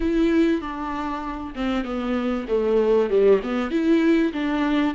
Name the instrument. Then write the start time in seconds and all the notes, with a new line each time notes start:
viola
0.00 E4
0.61 D4
1.55 C4
1.84 B3
2.47 A3
3.10 G3
3.43 B3
3.70 E4
4.32 D4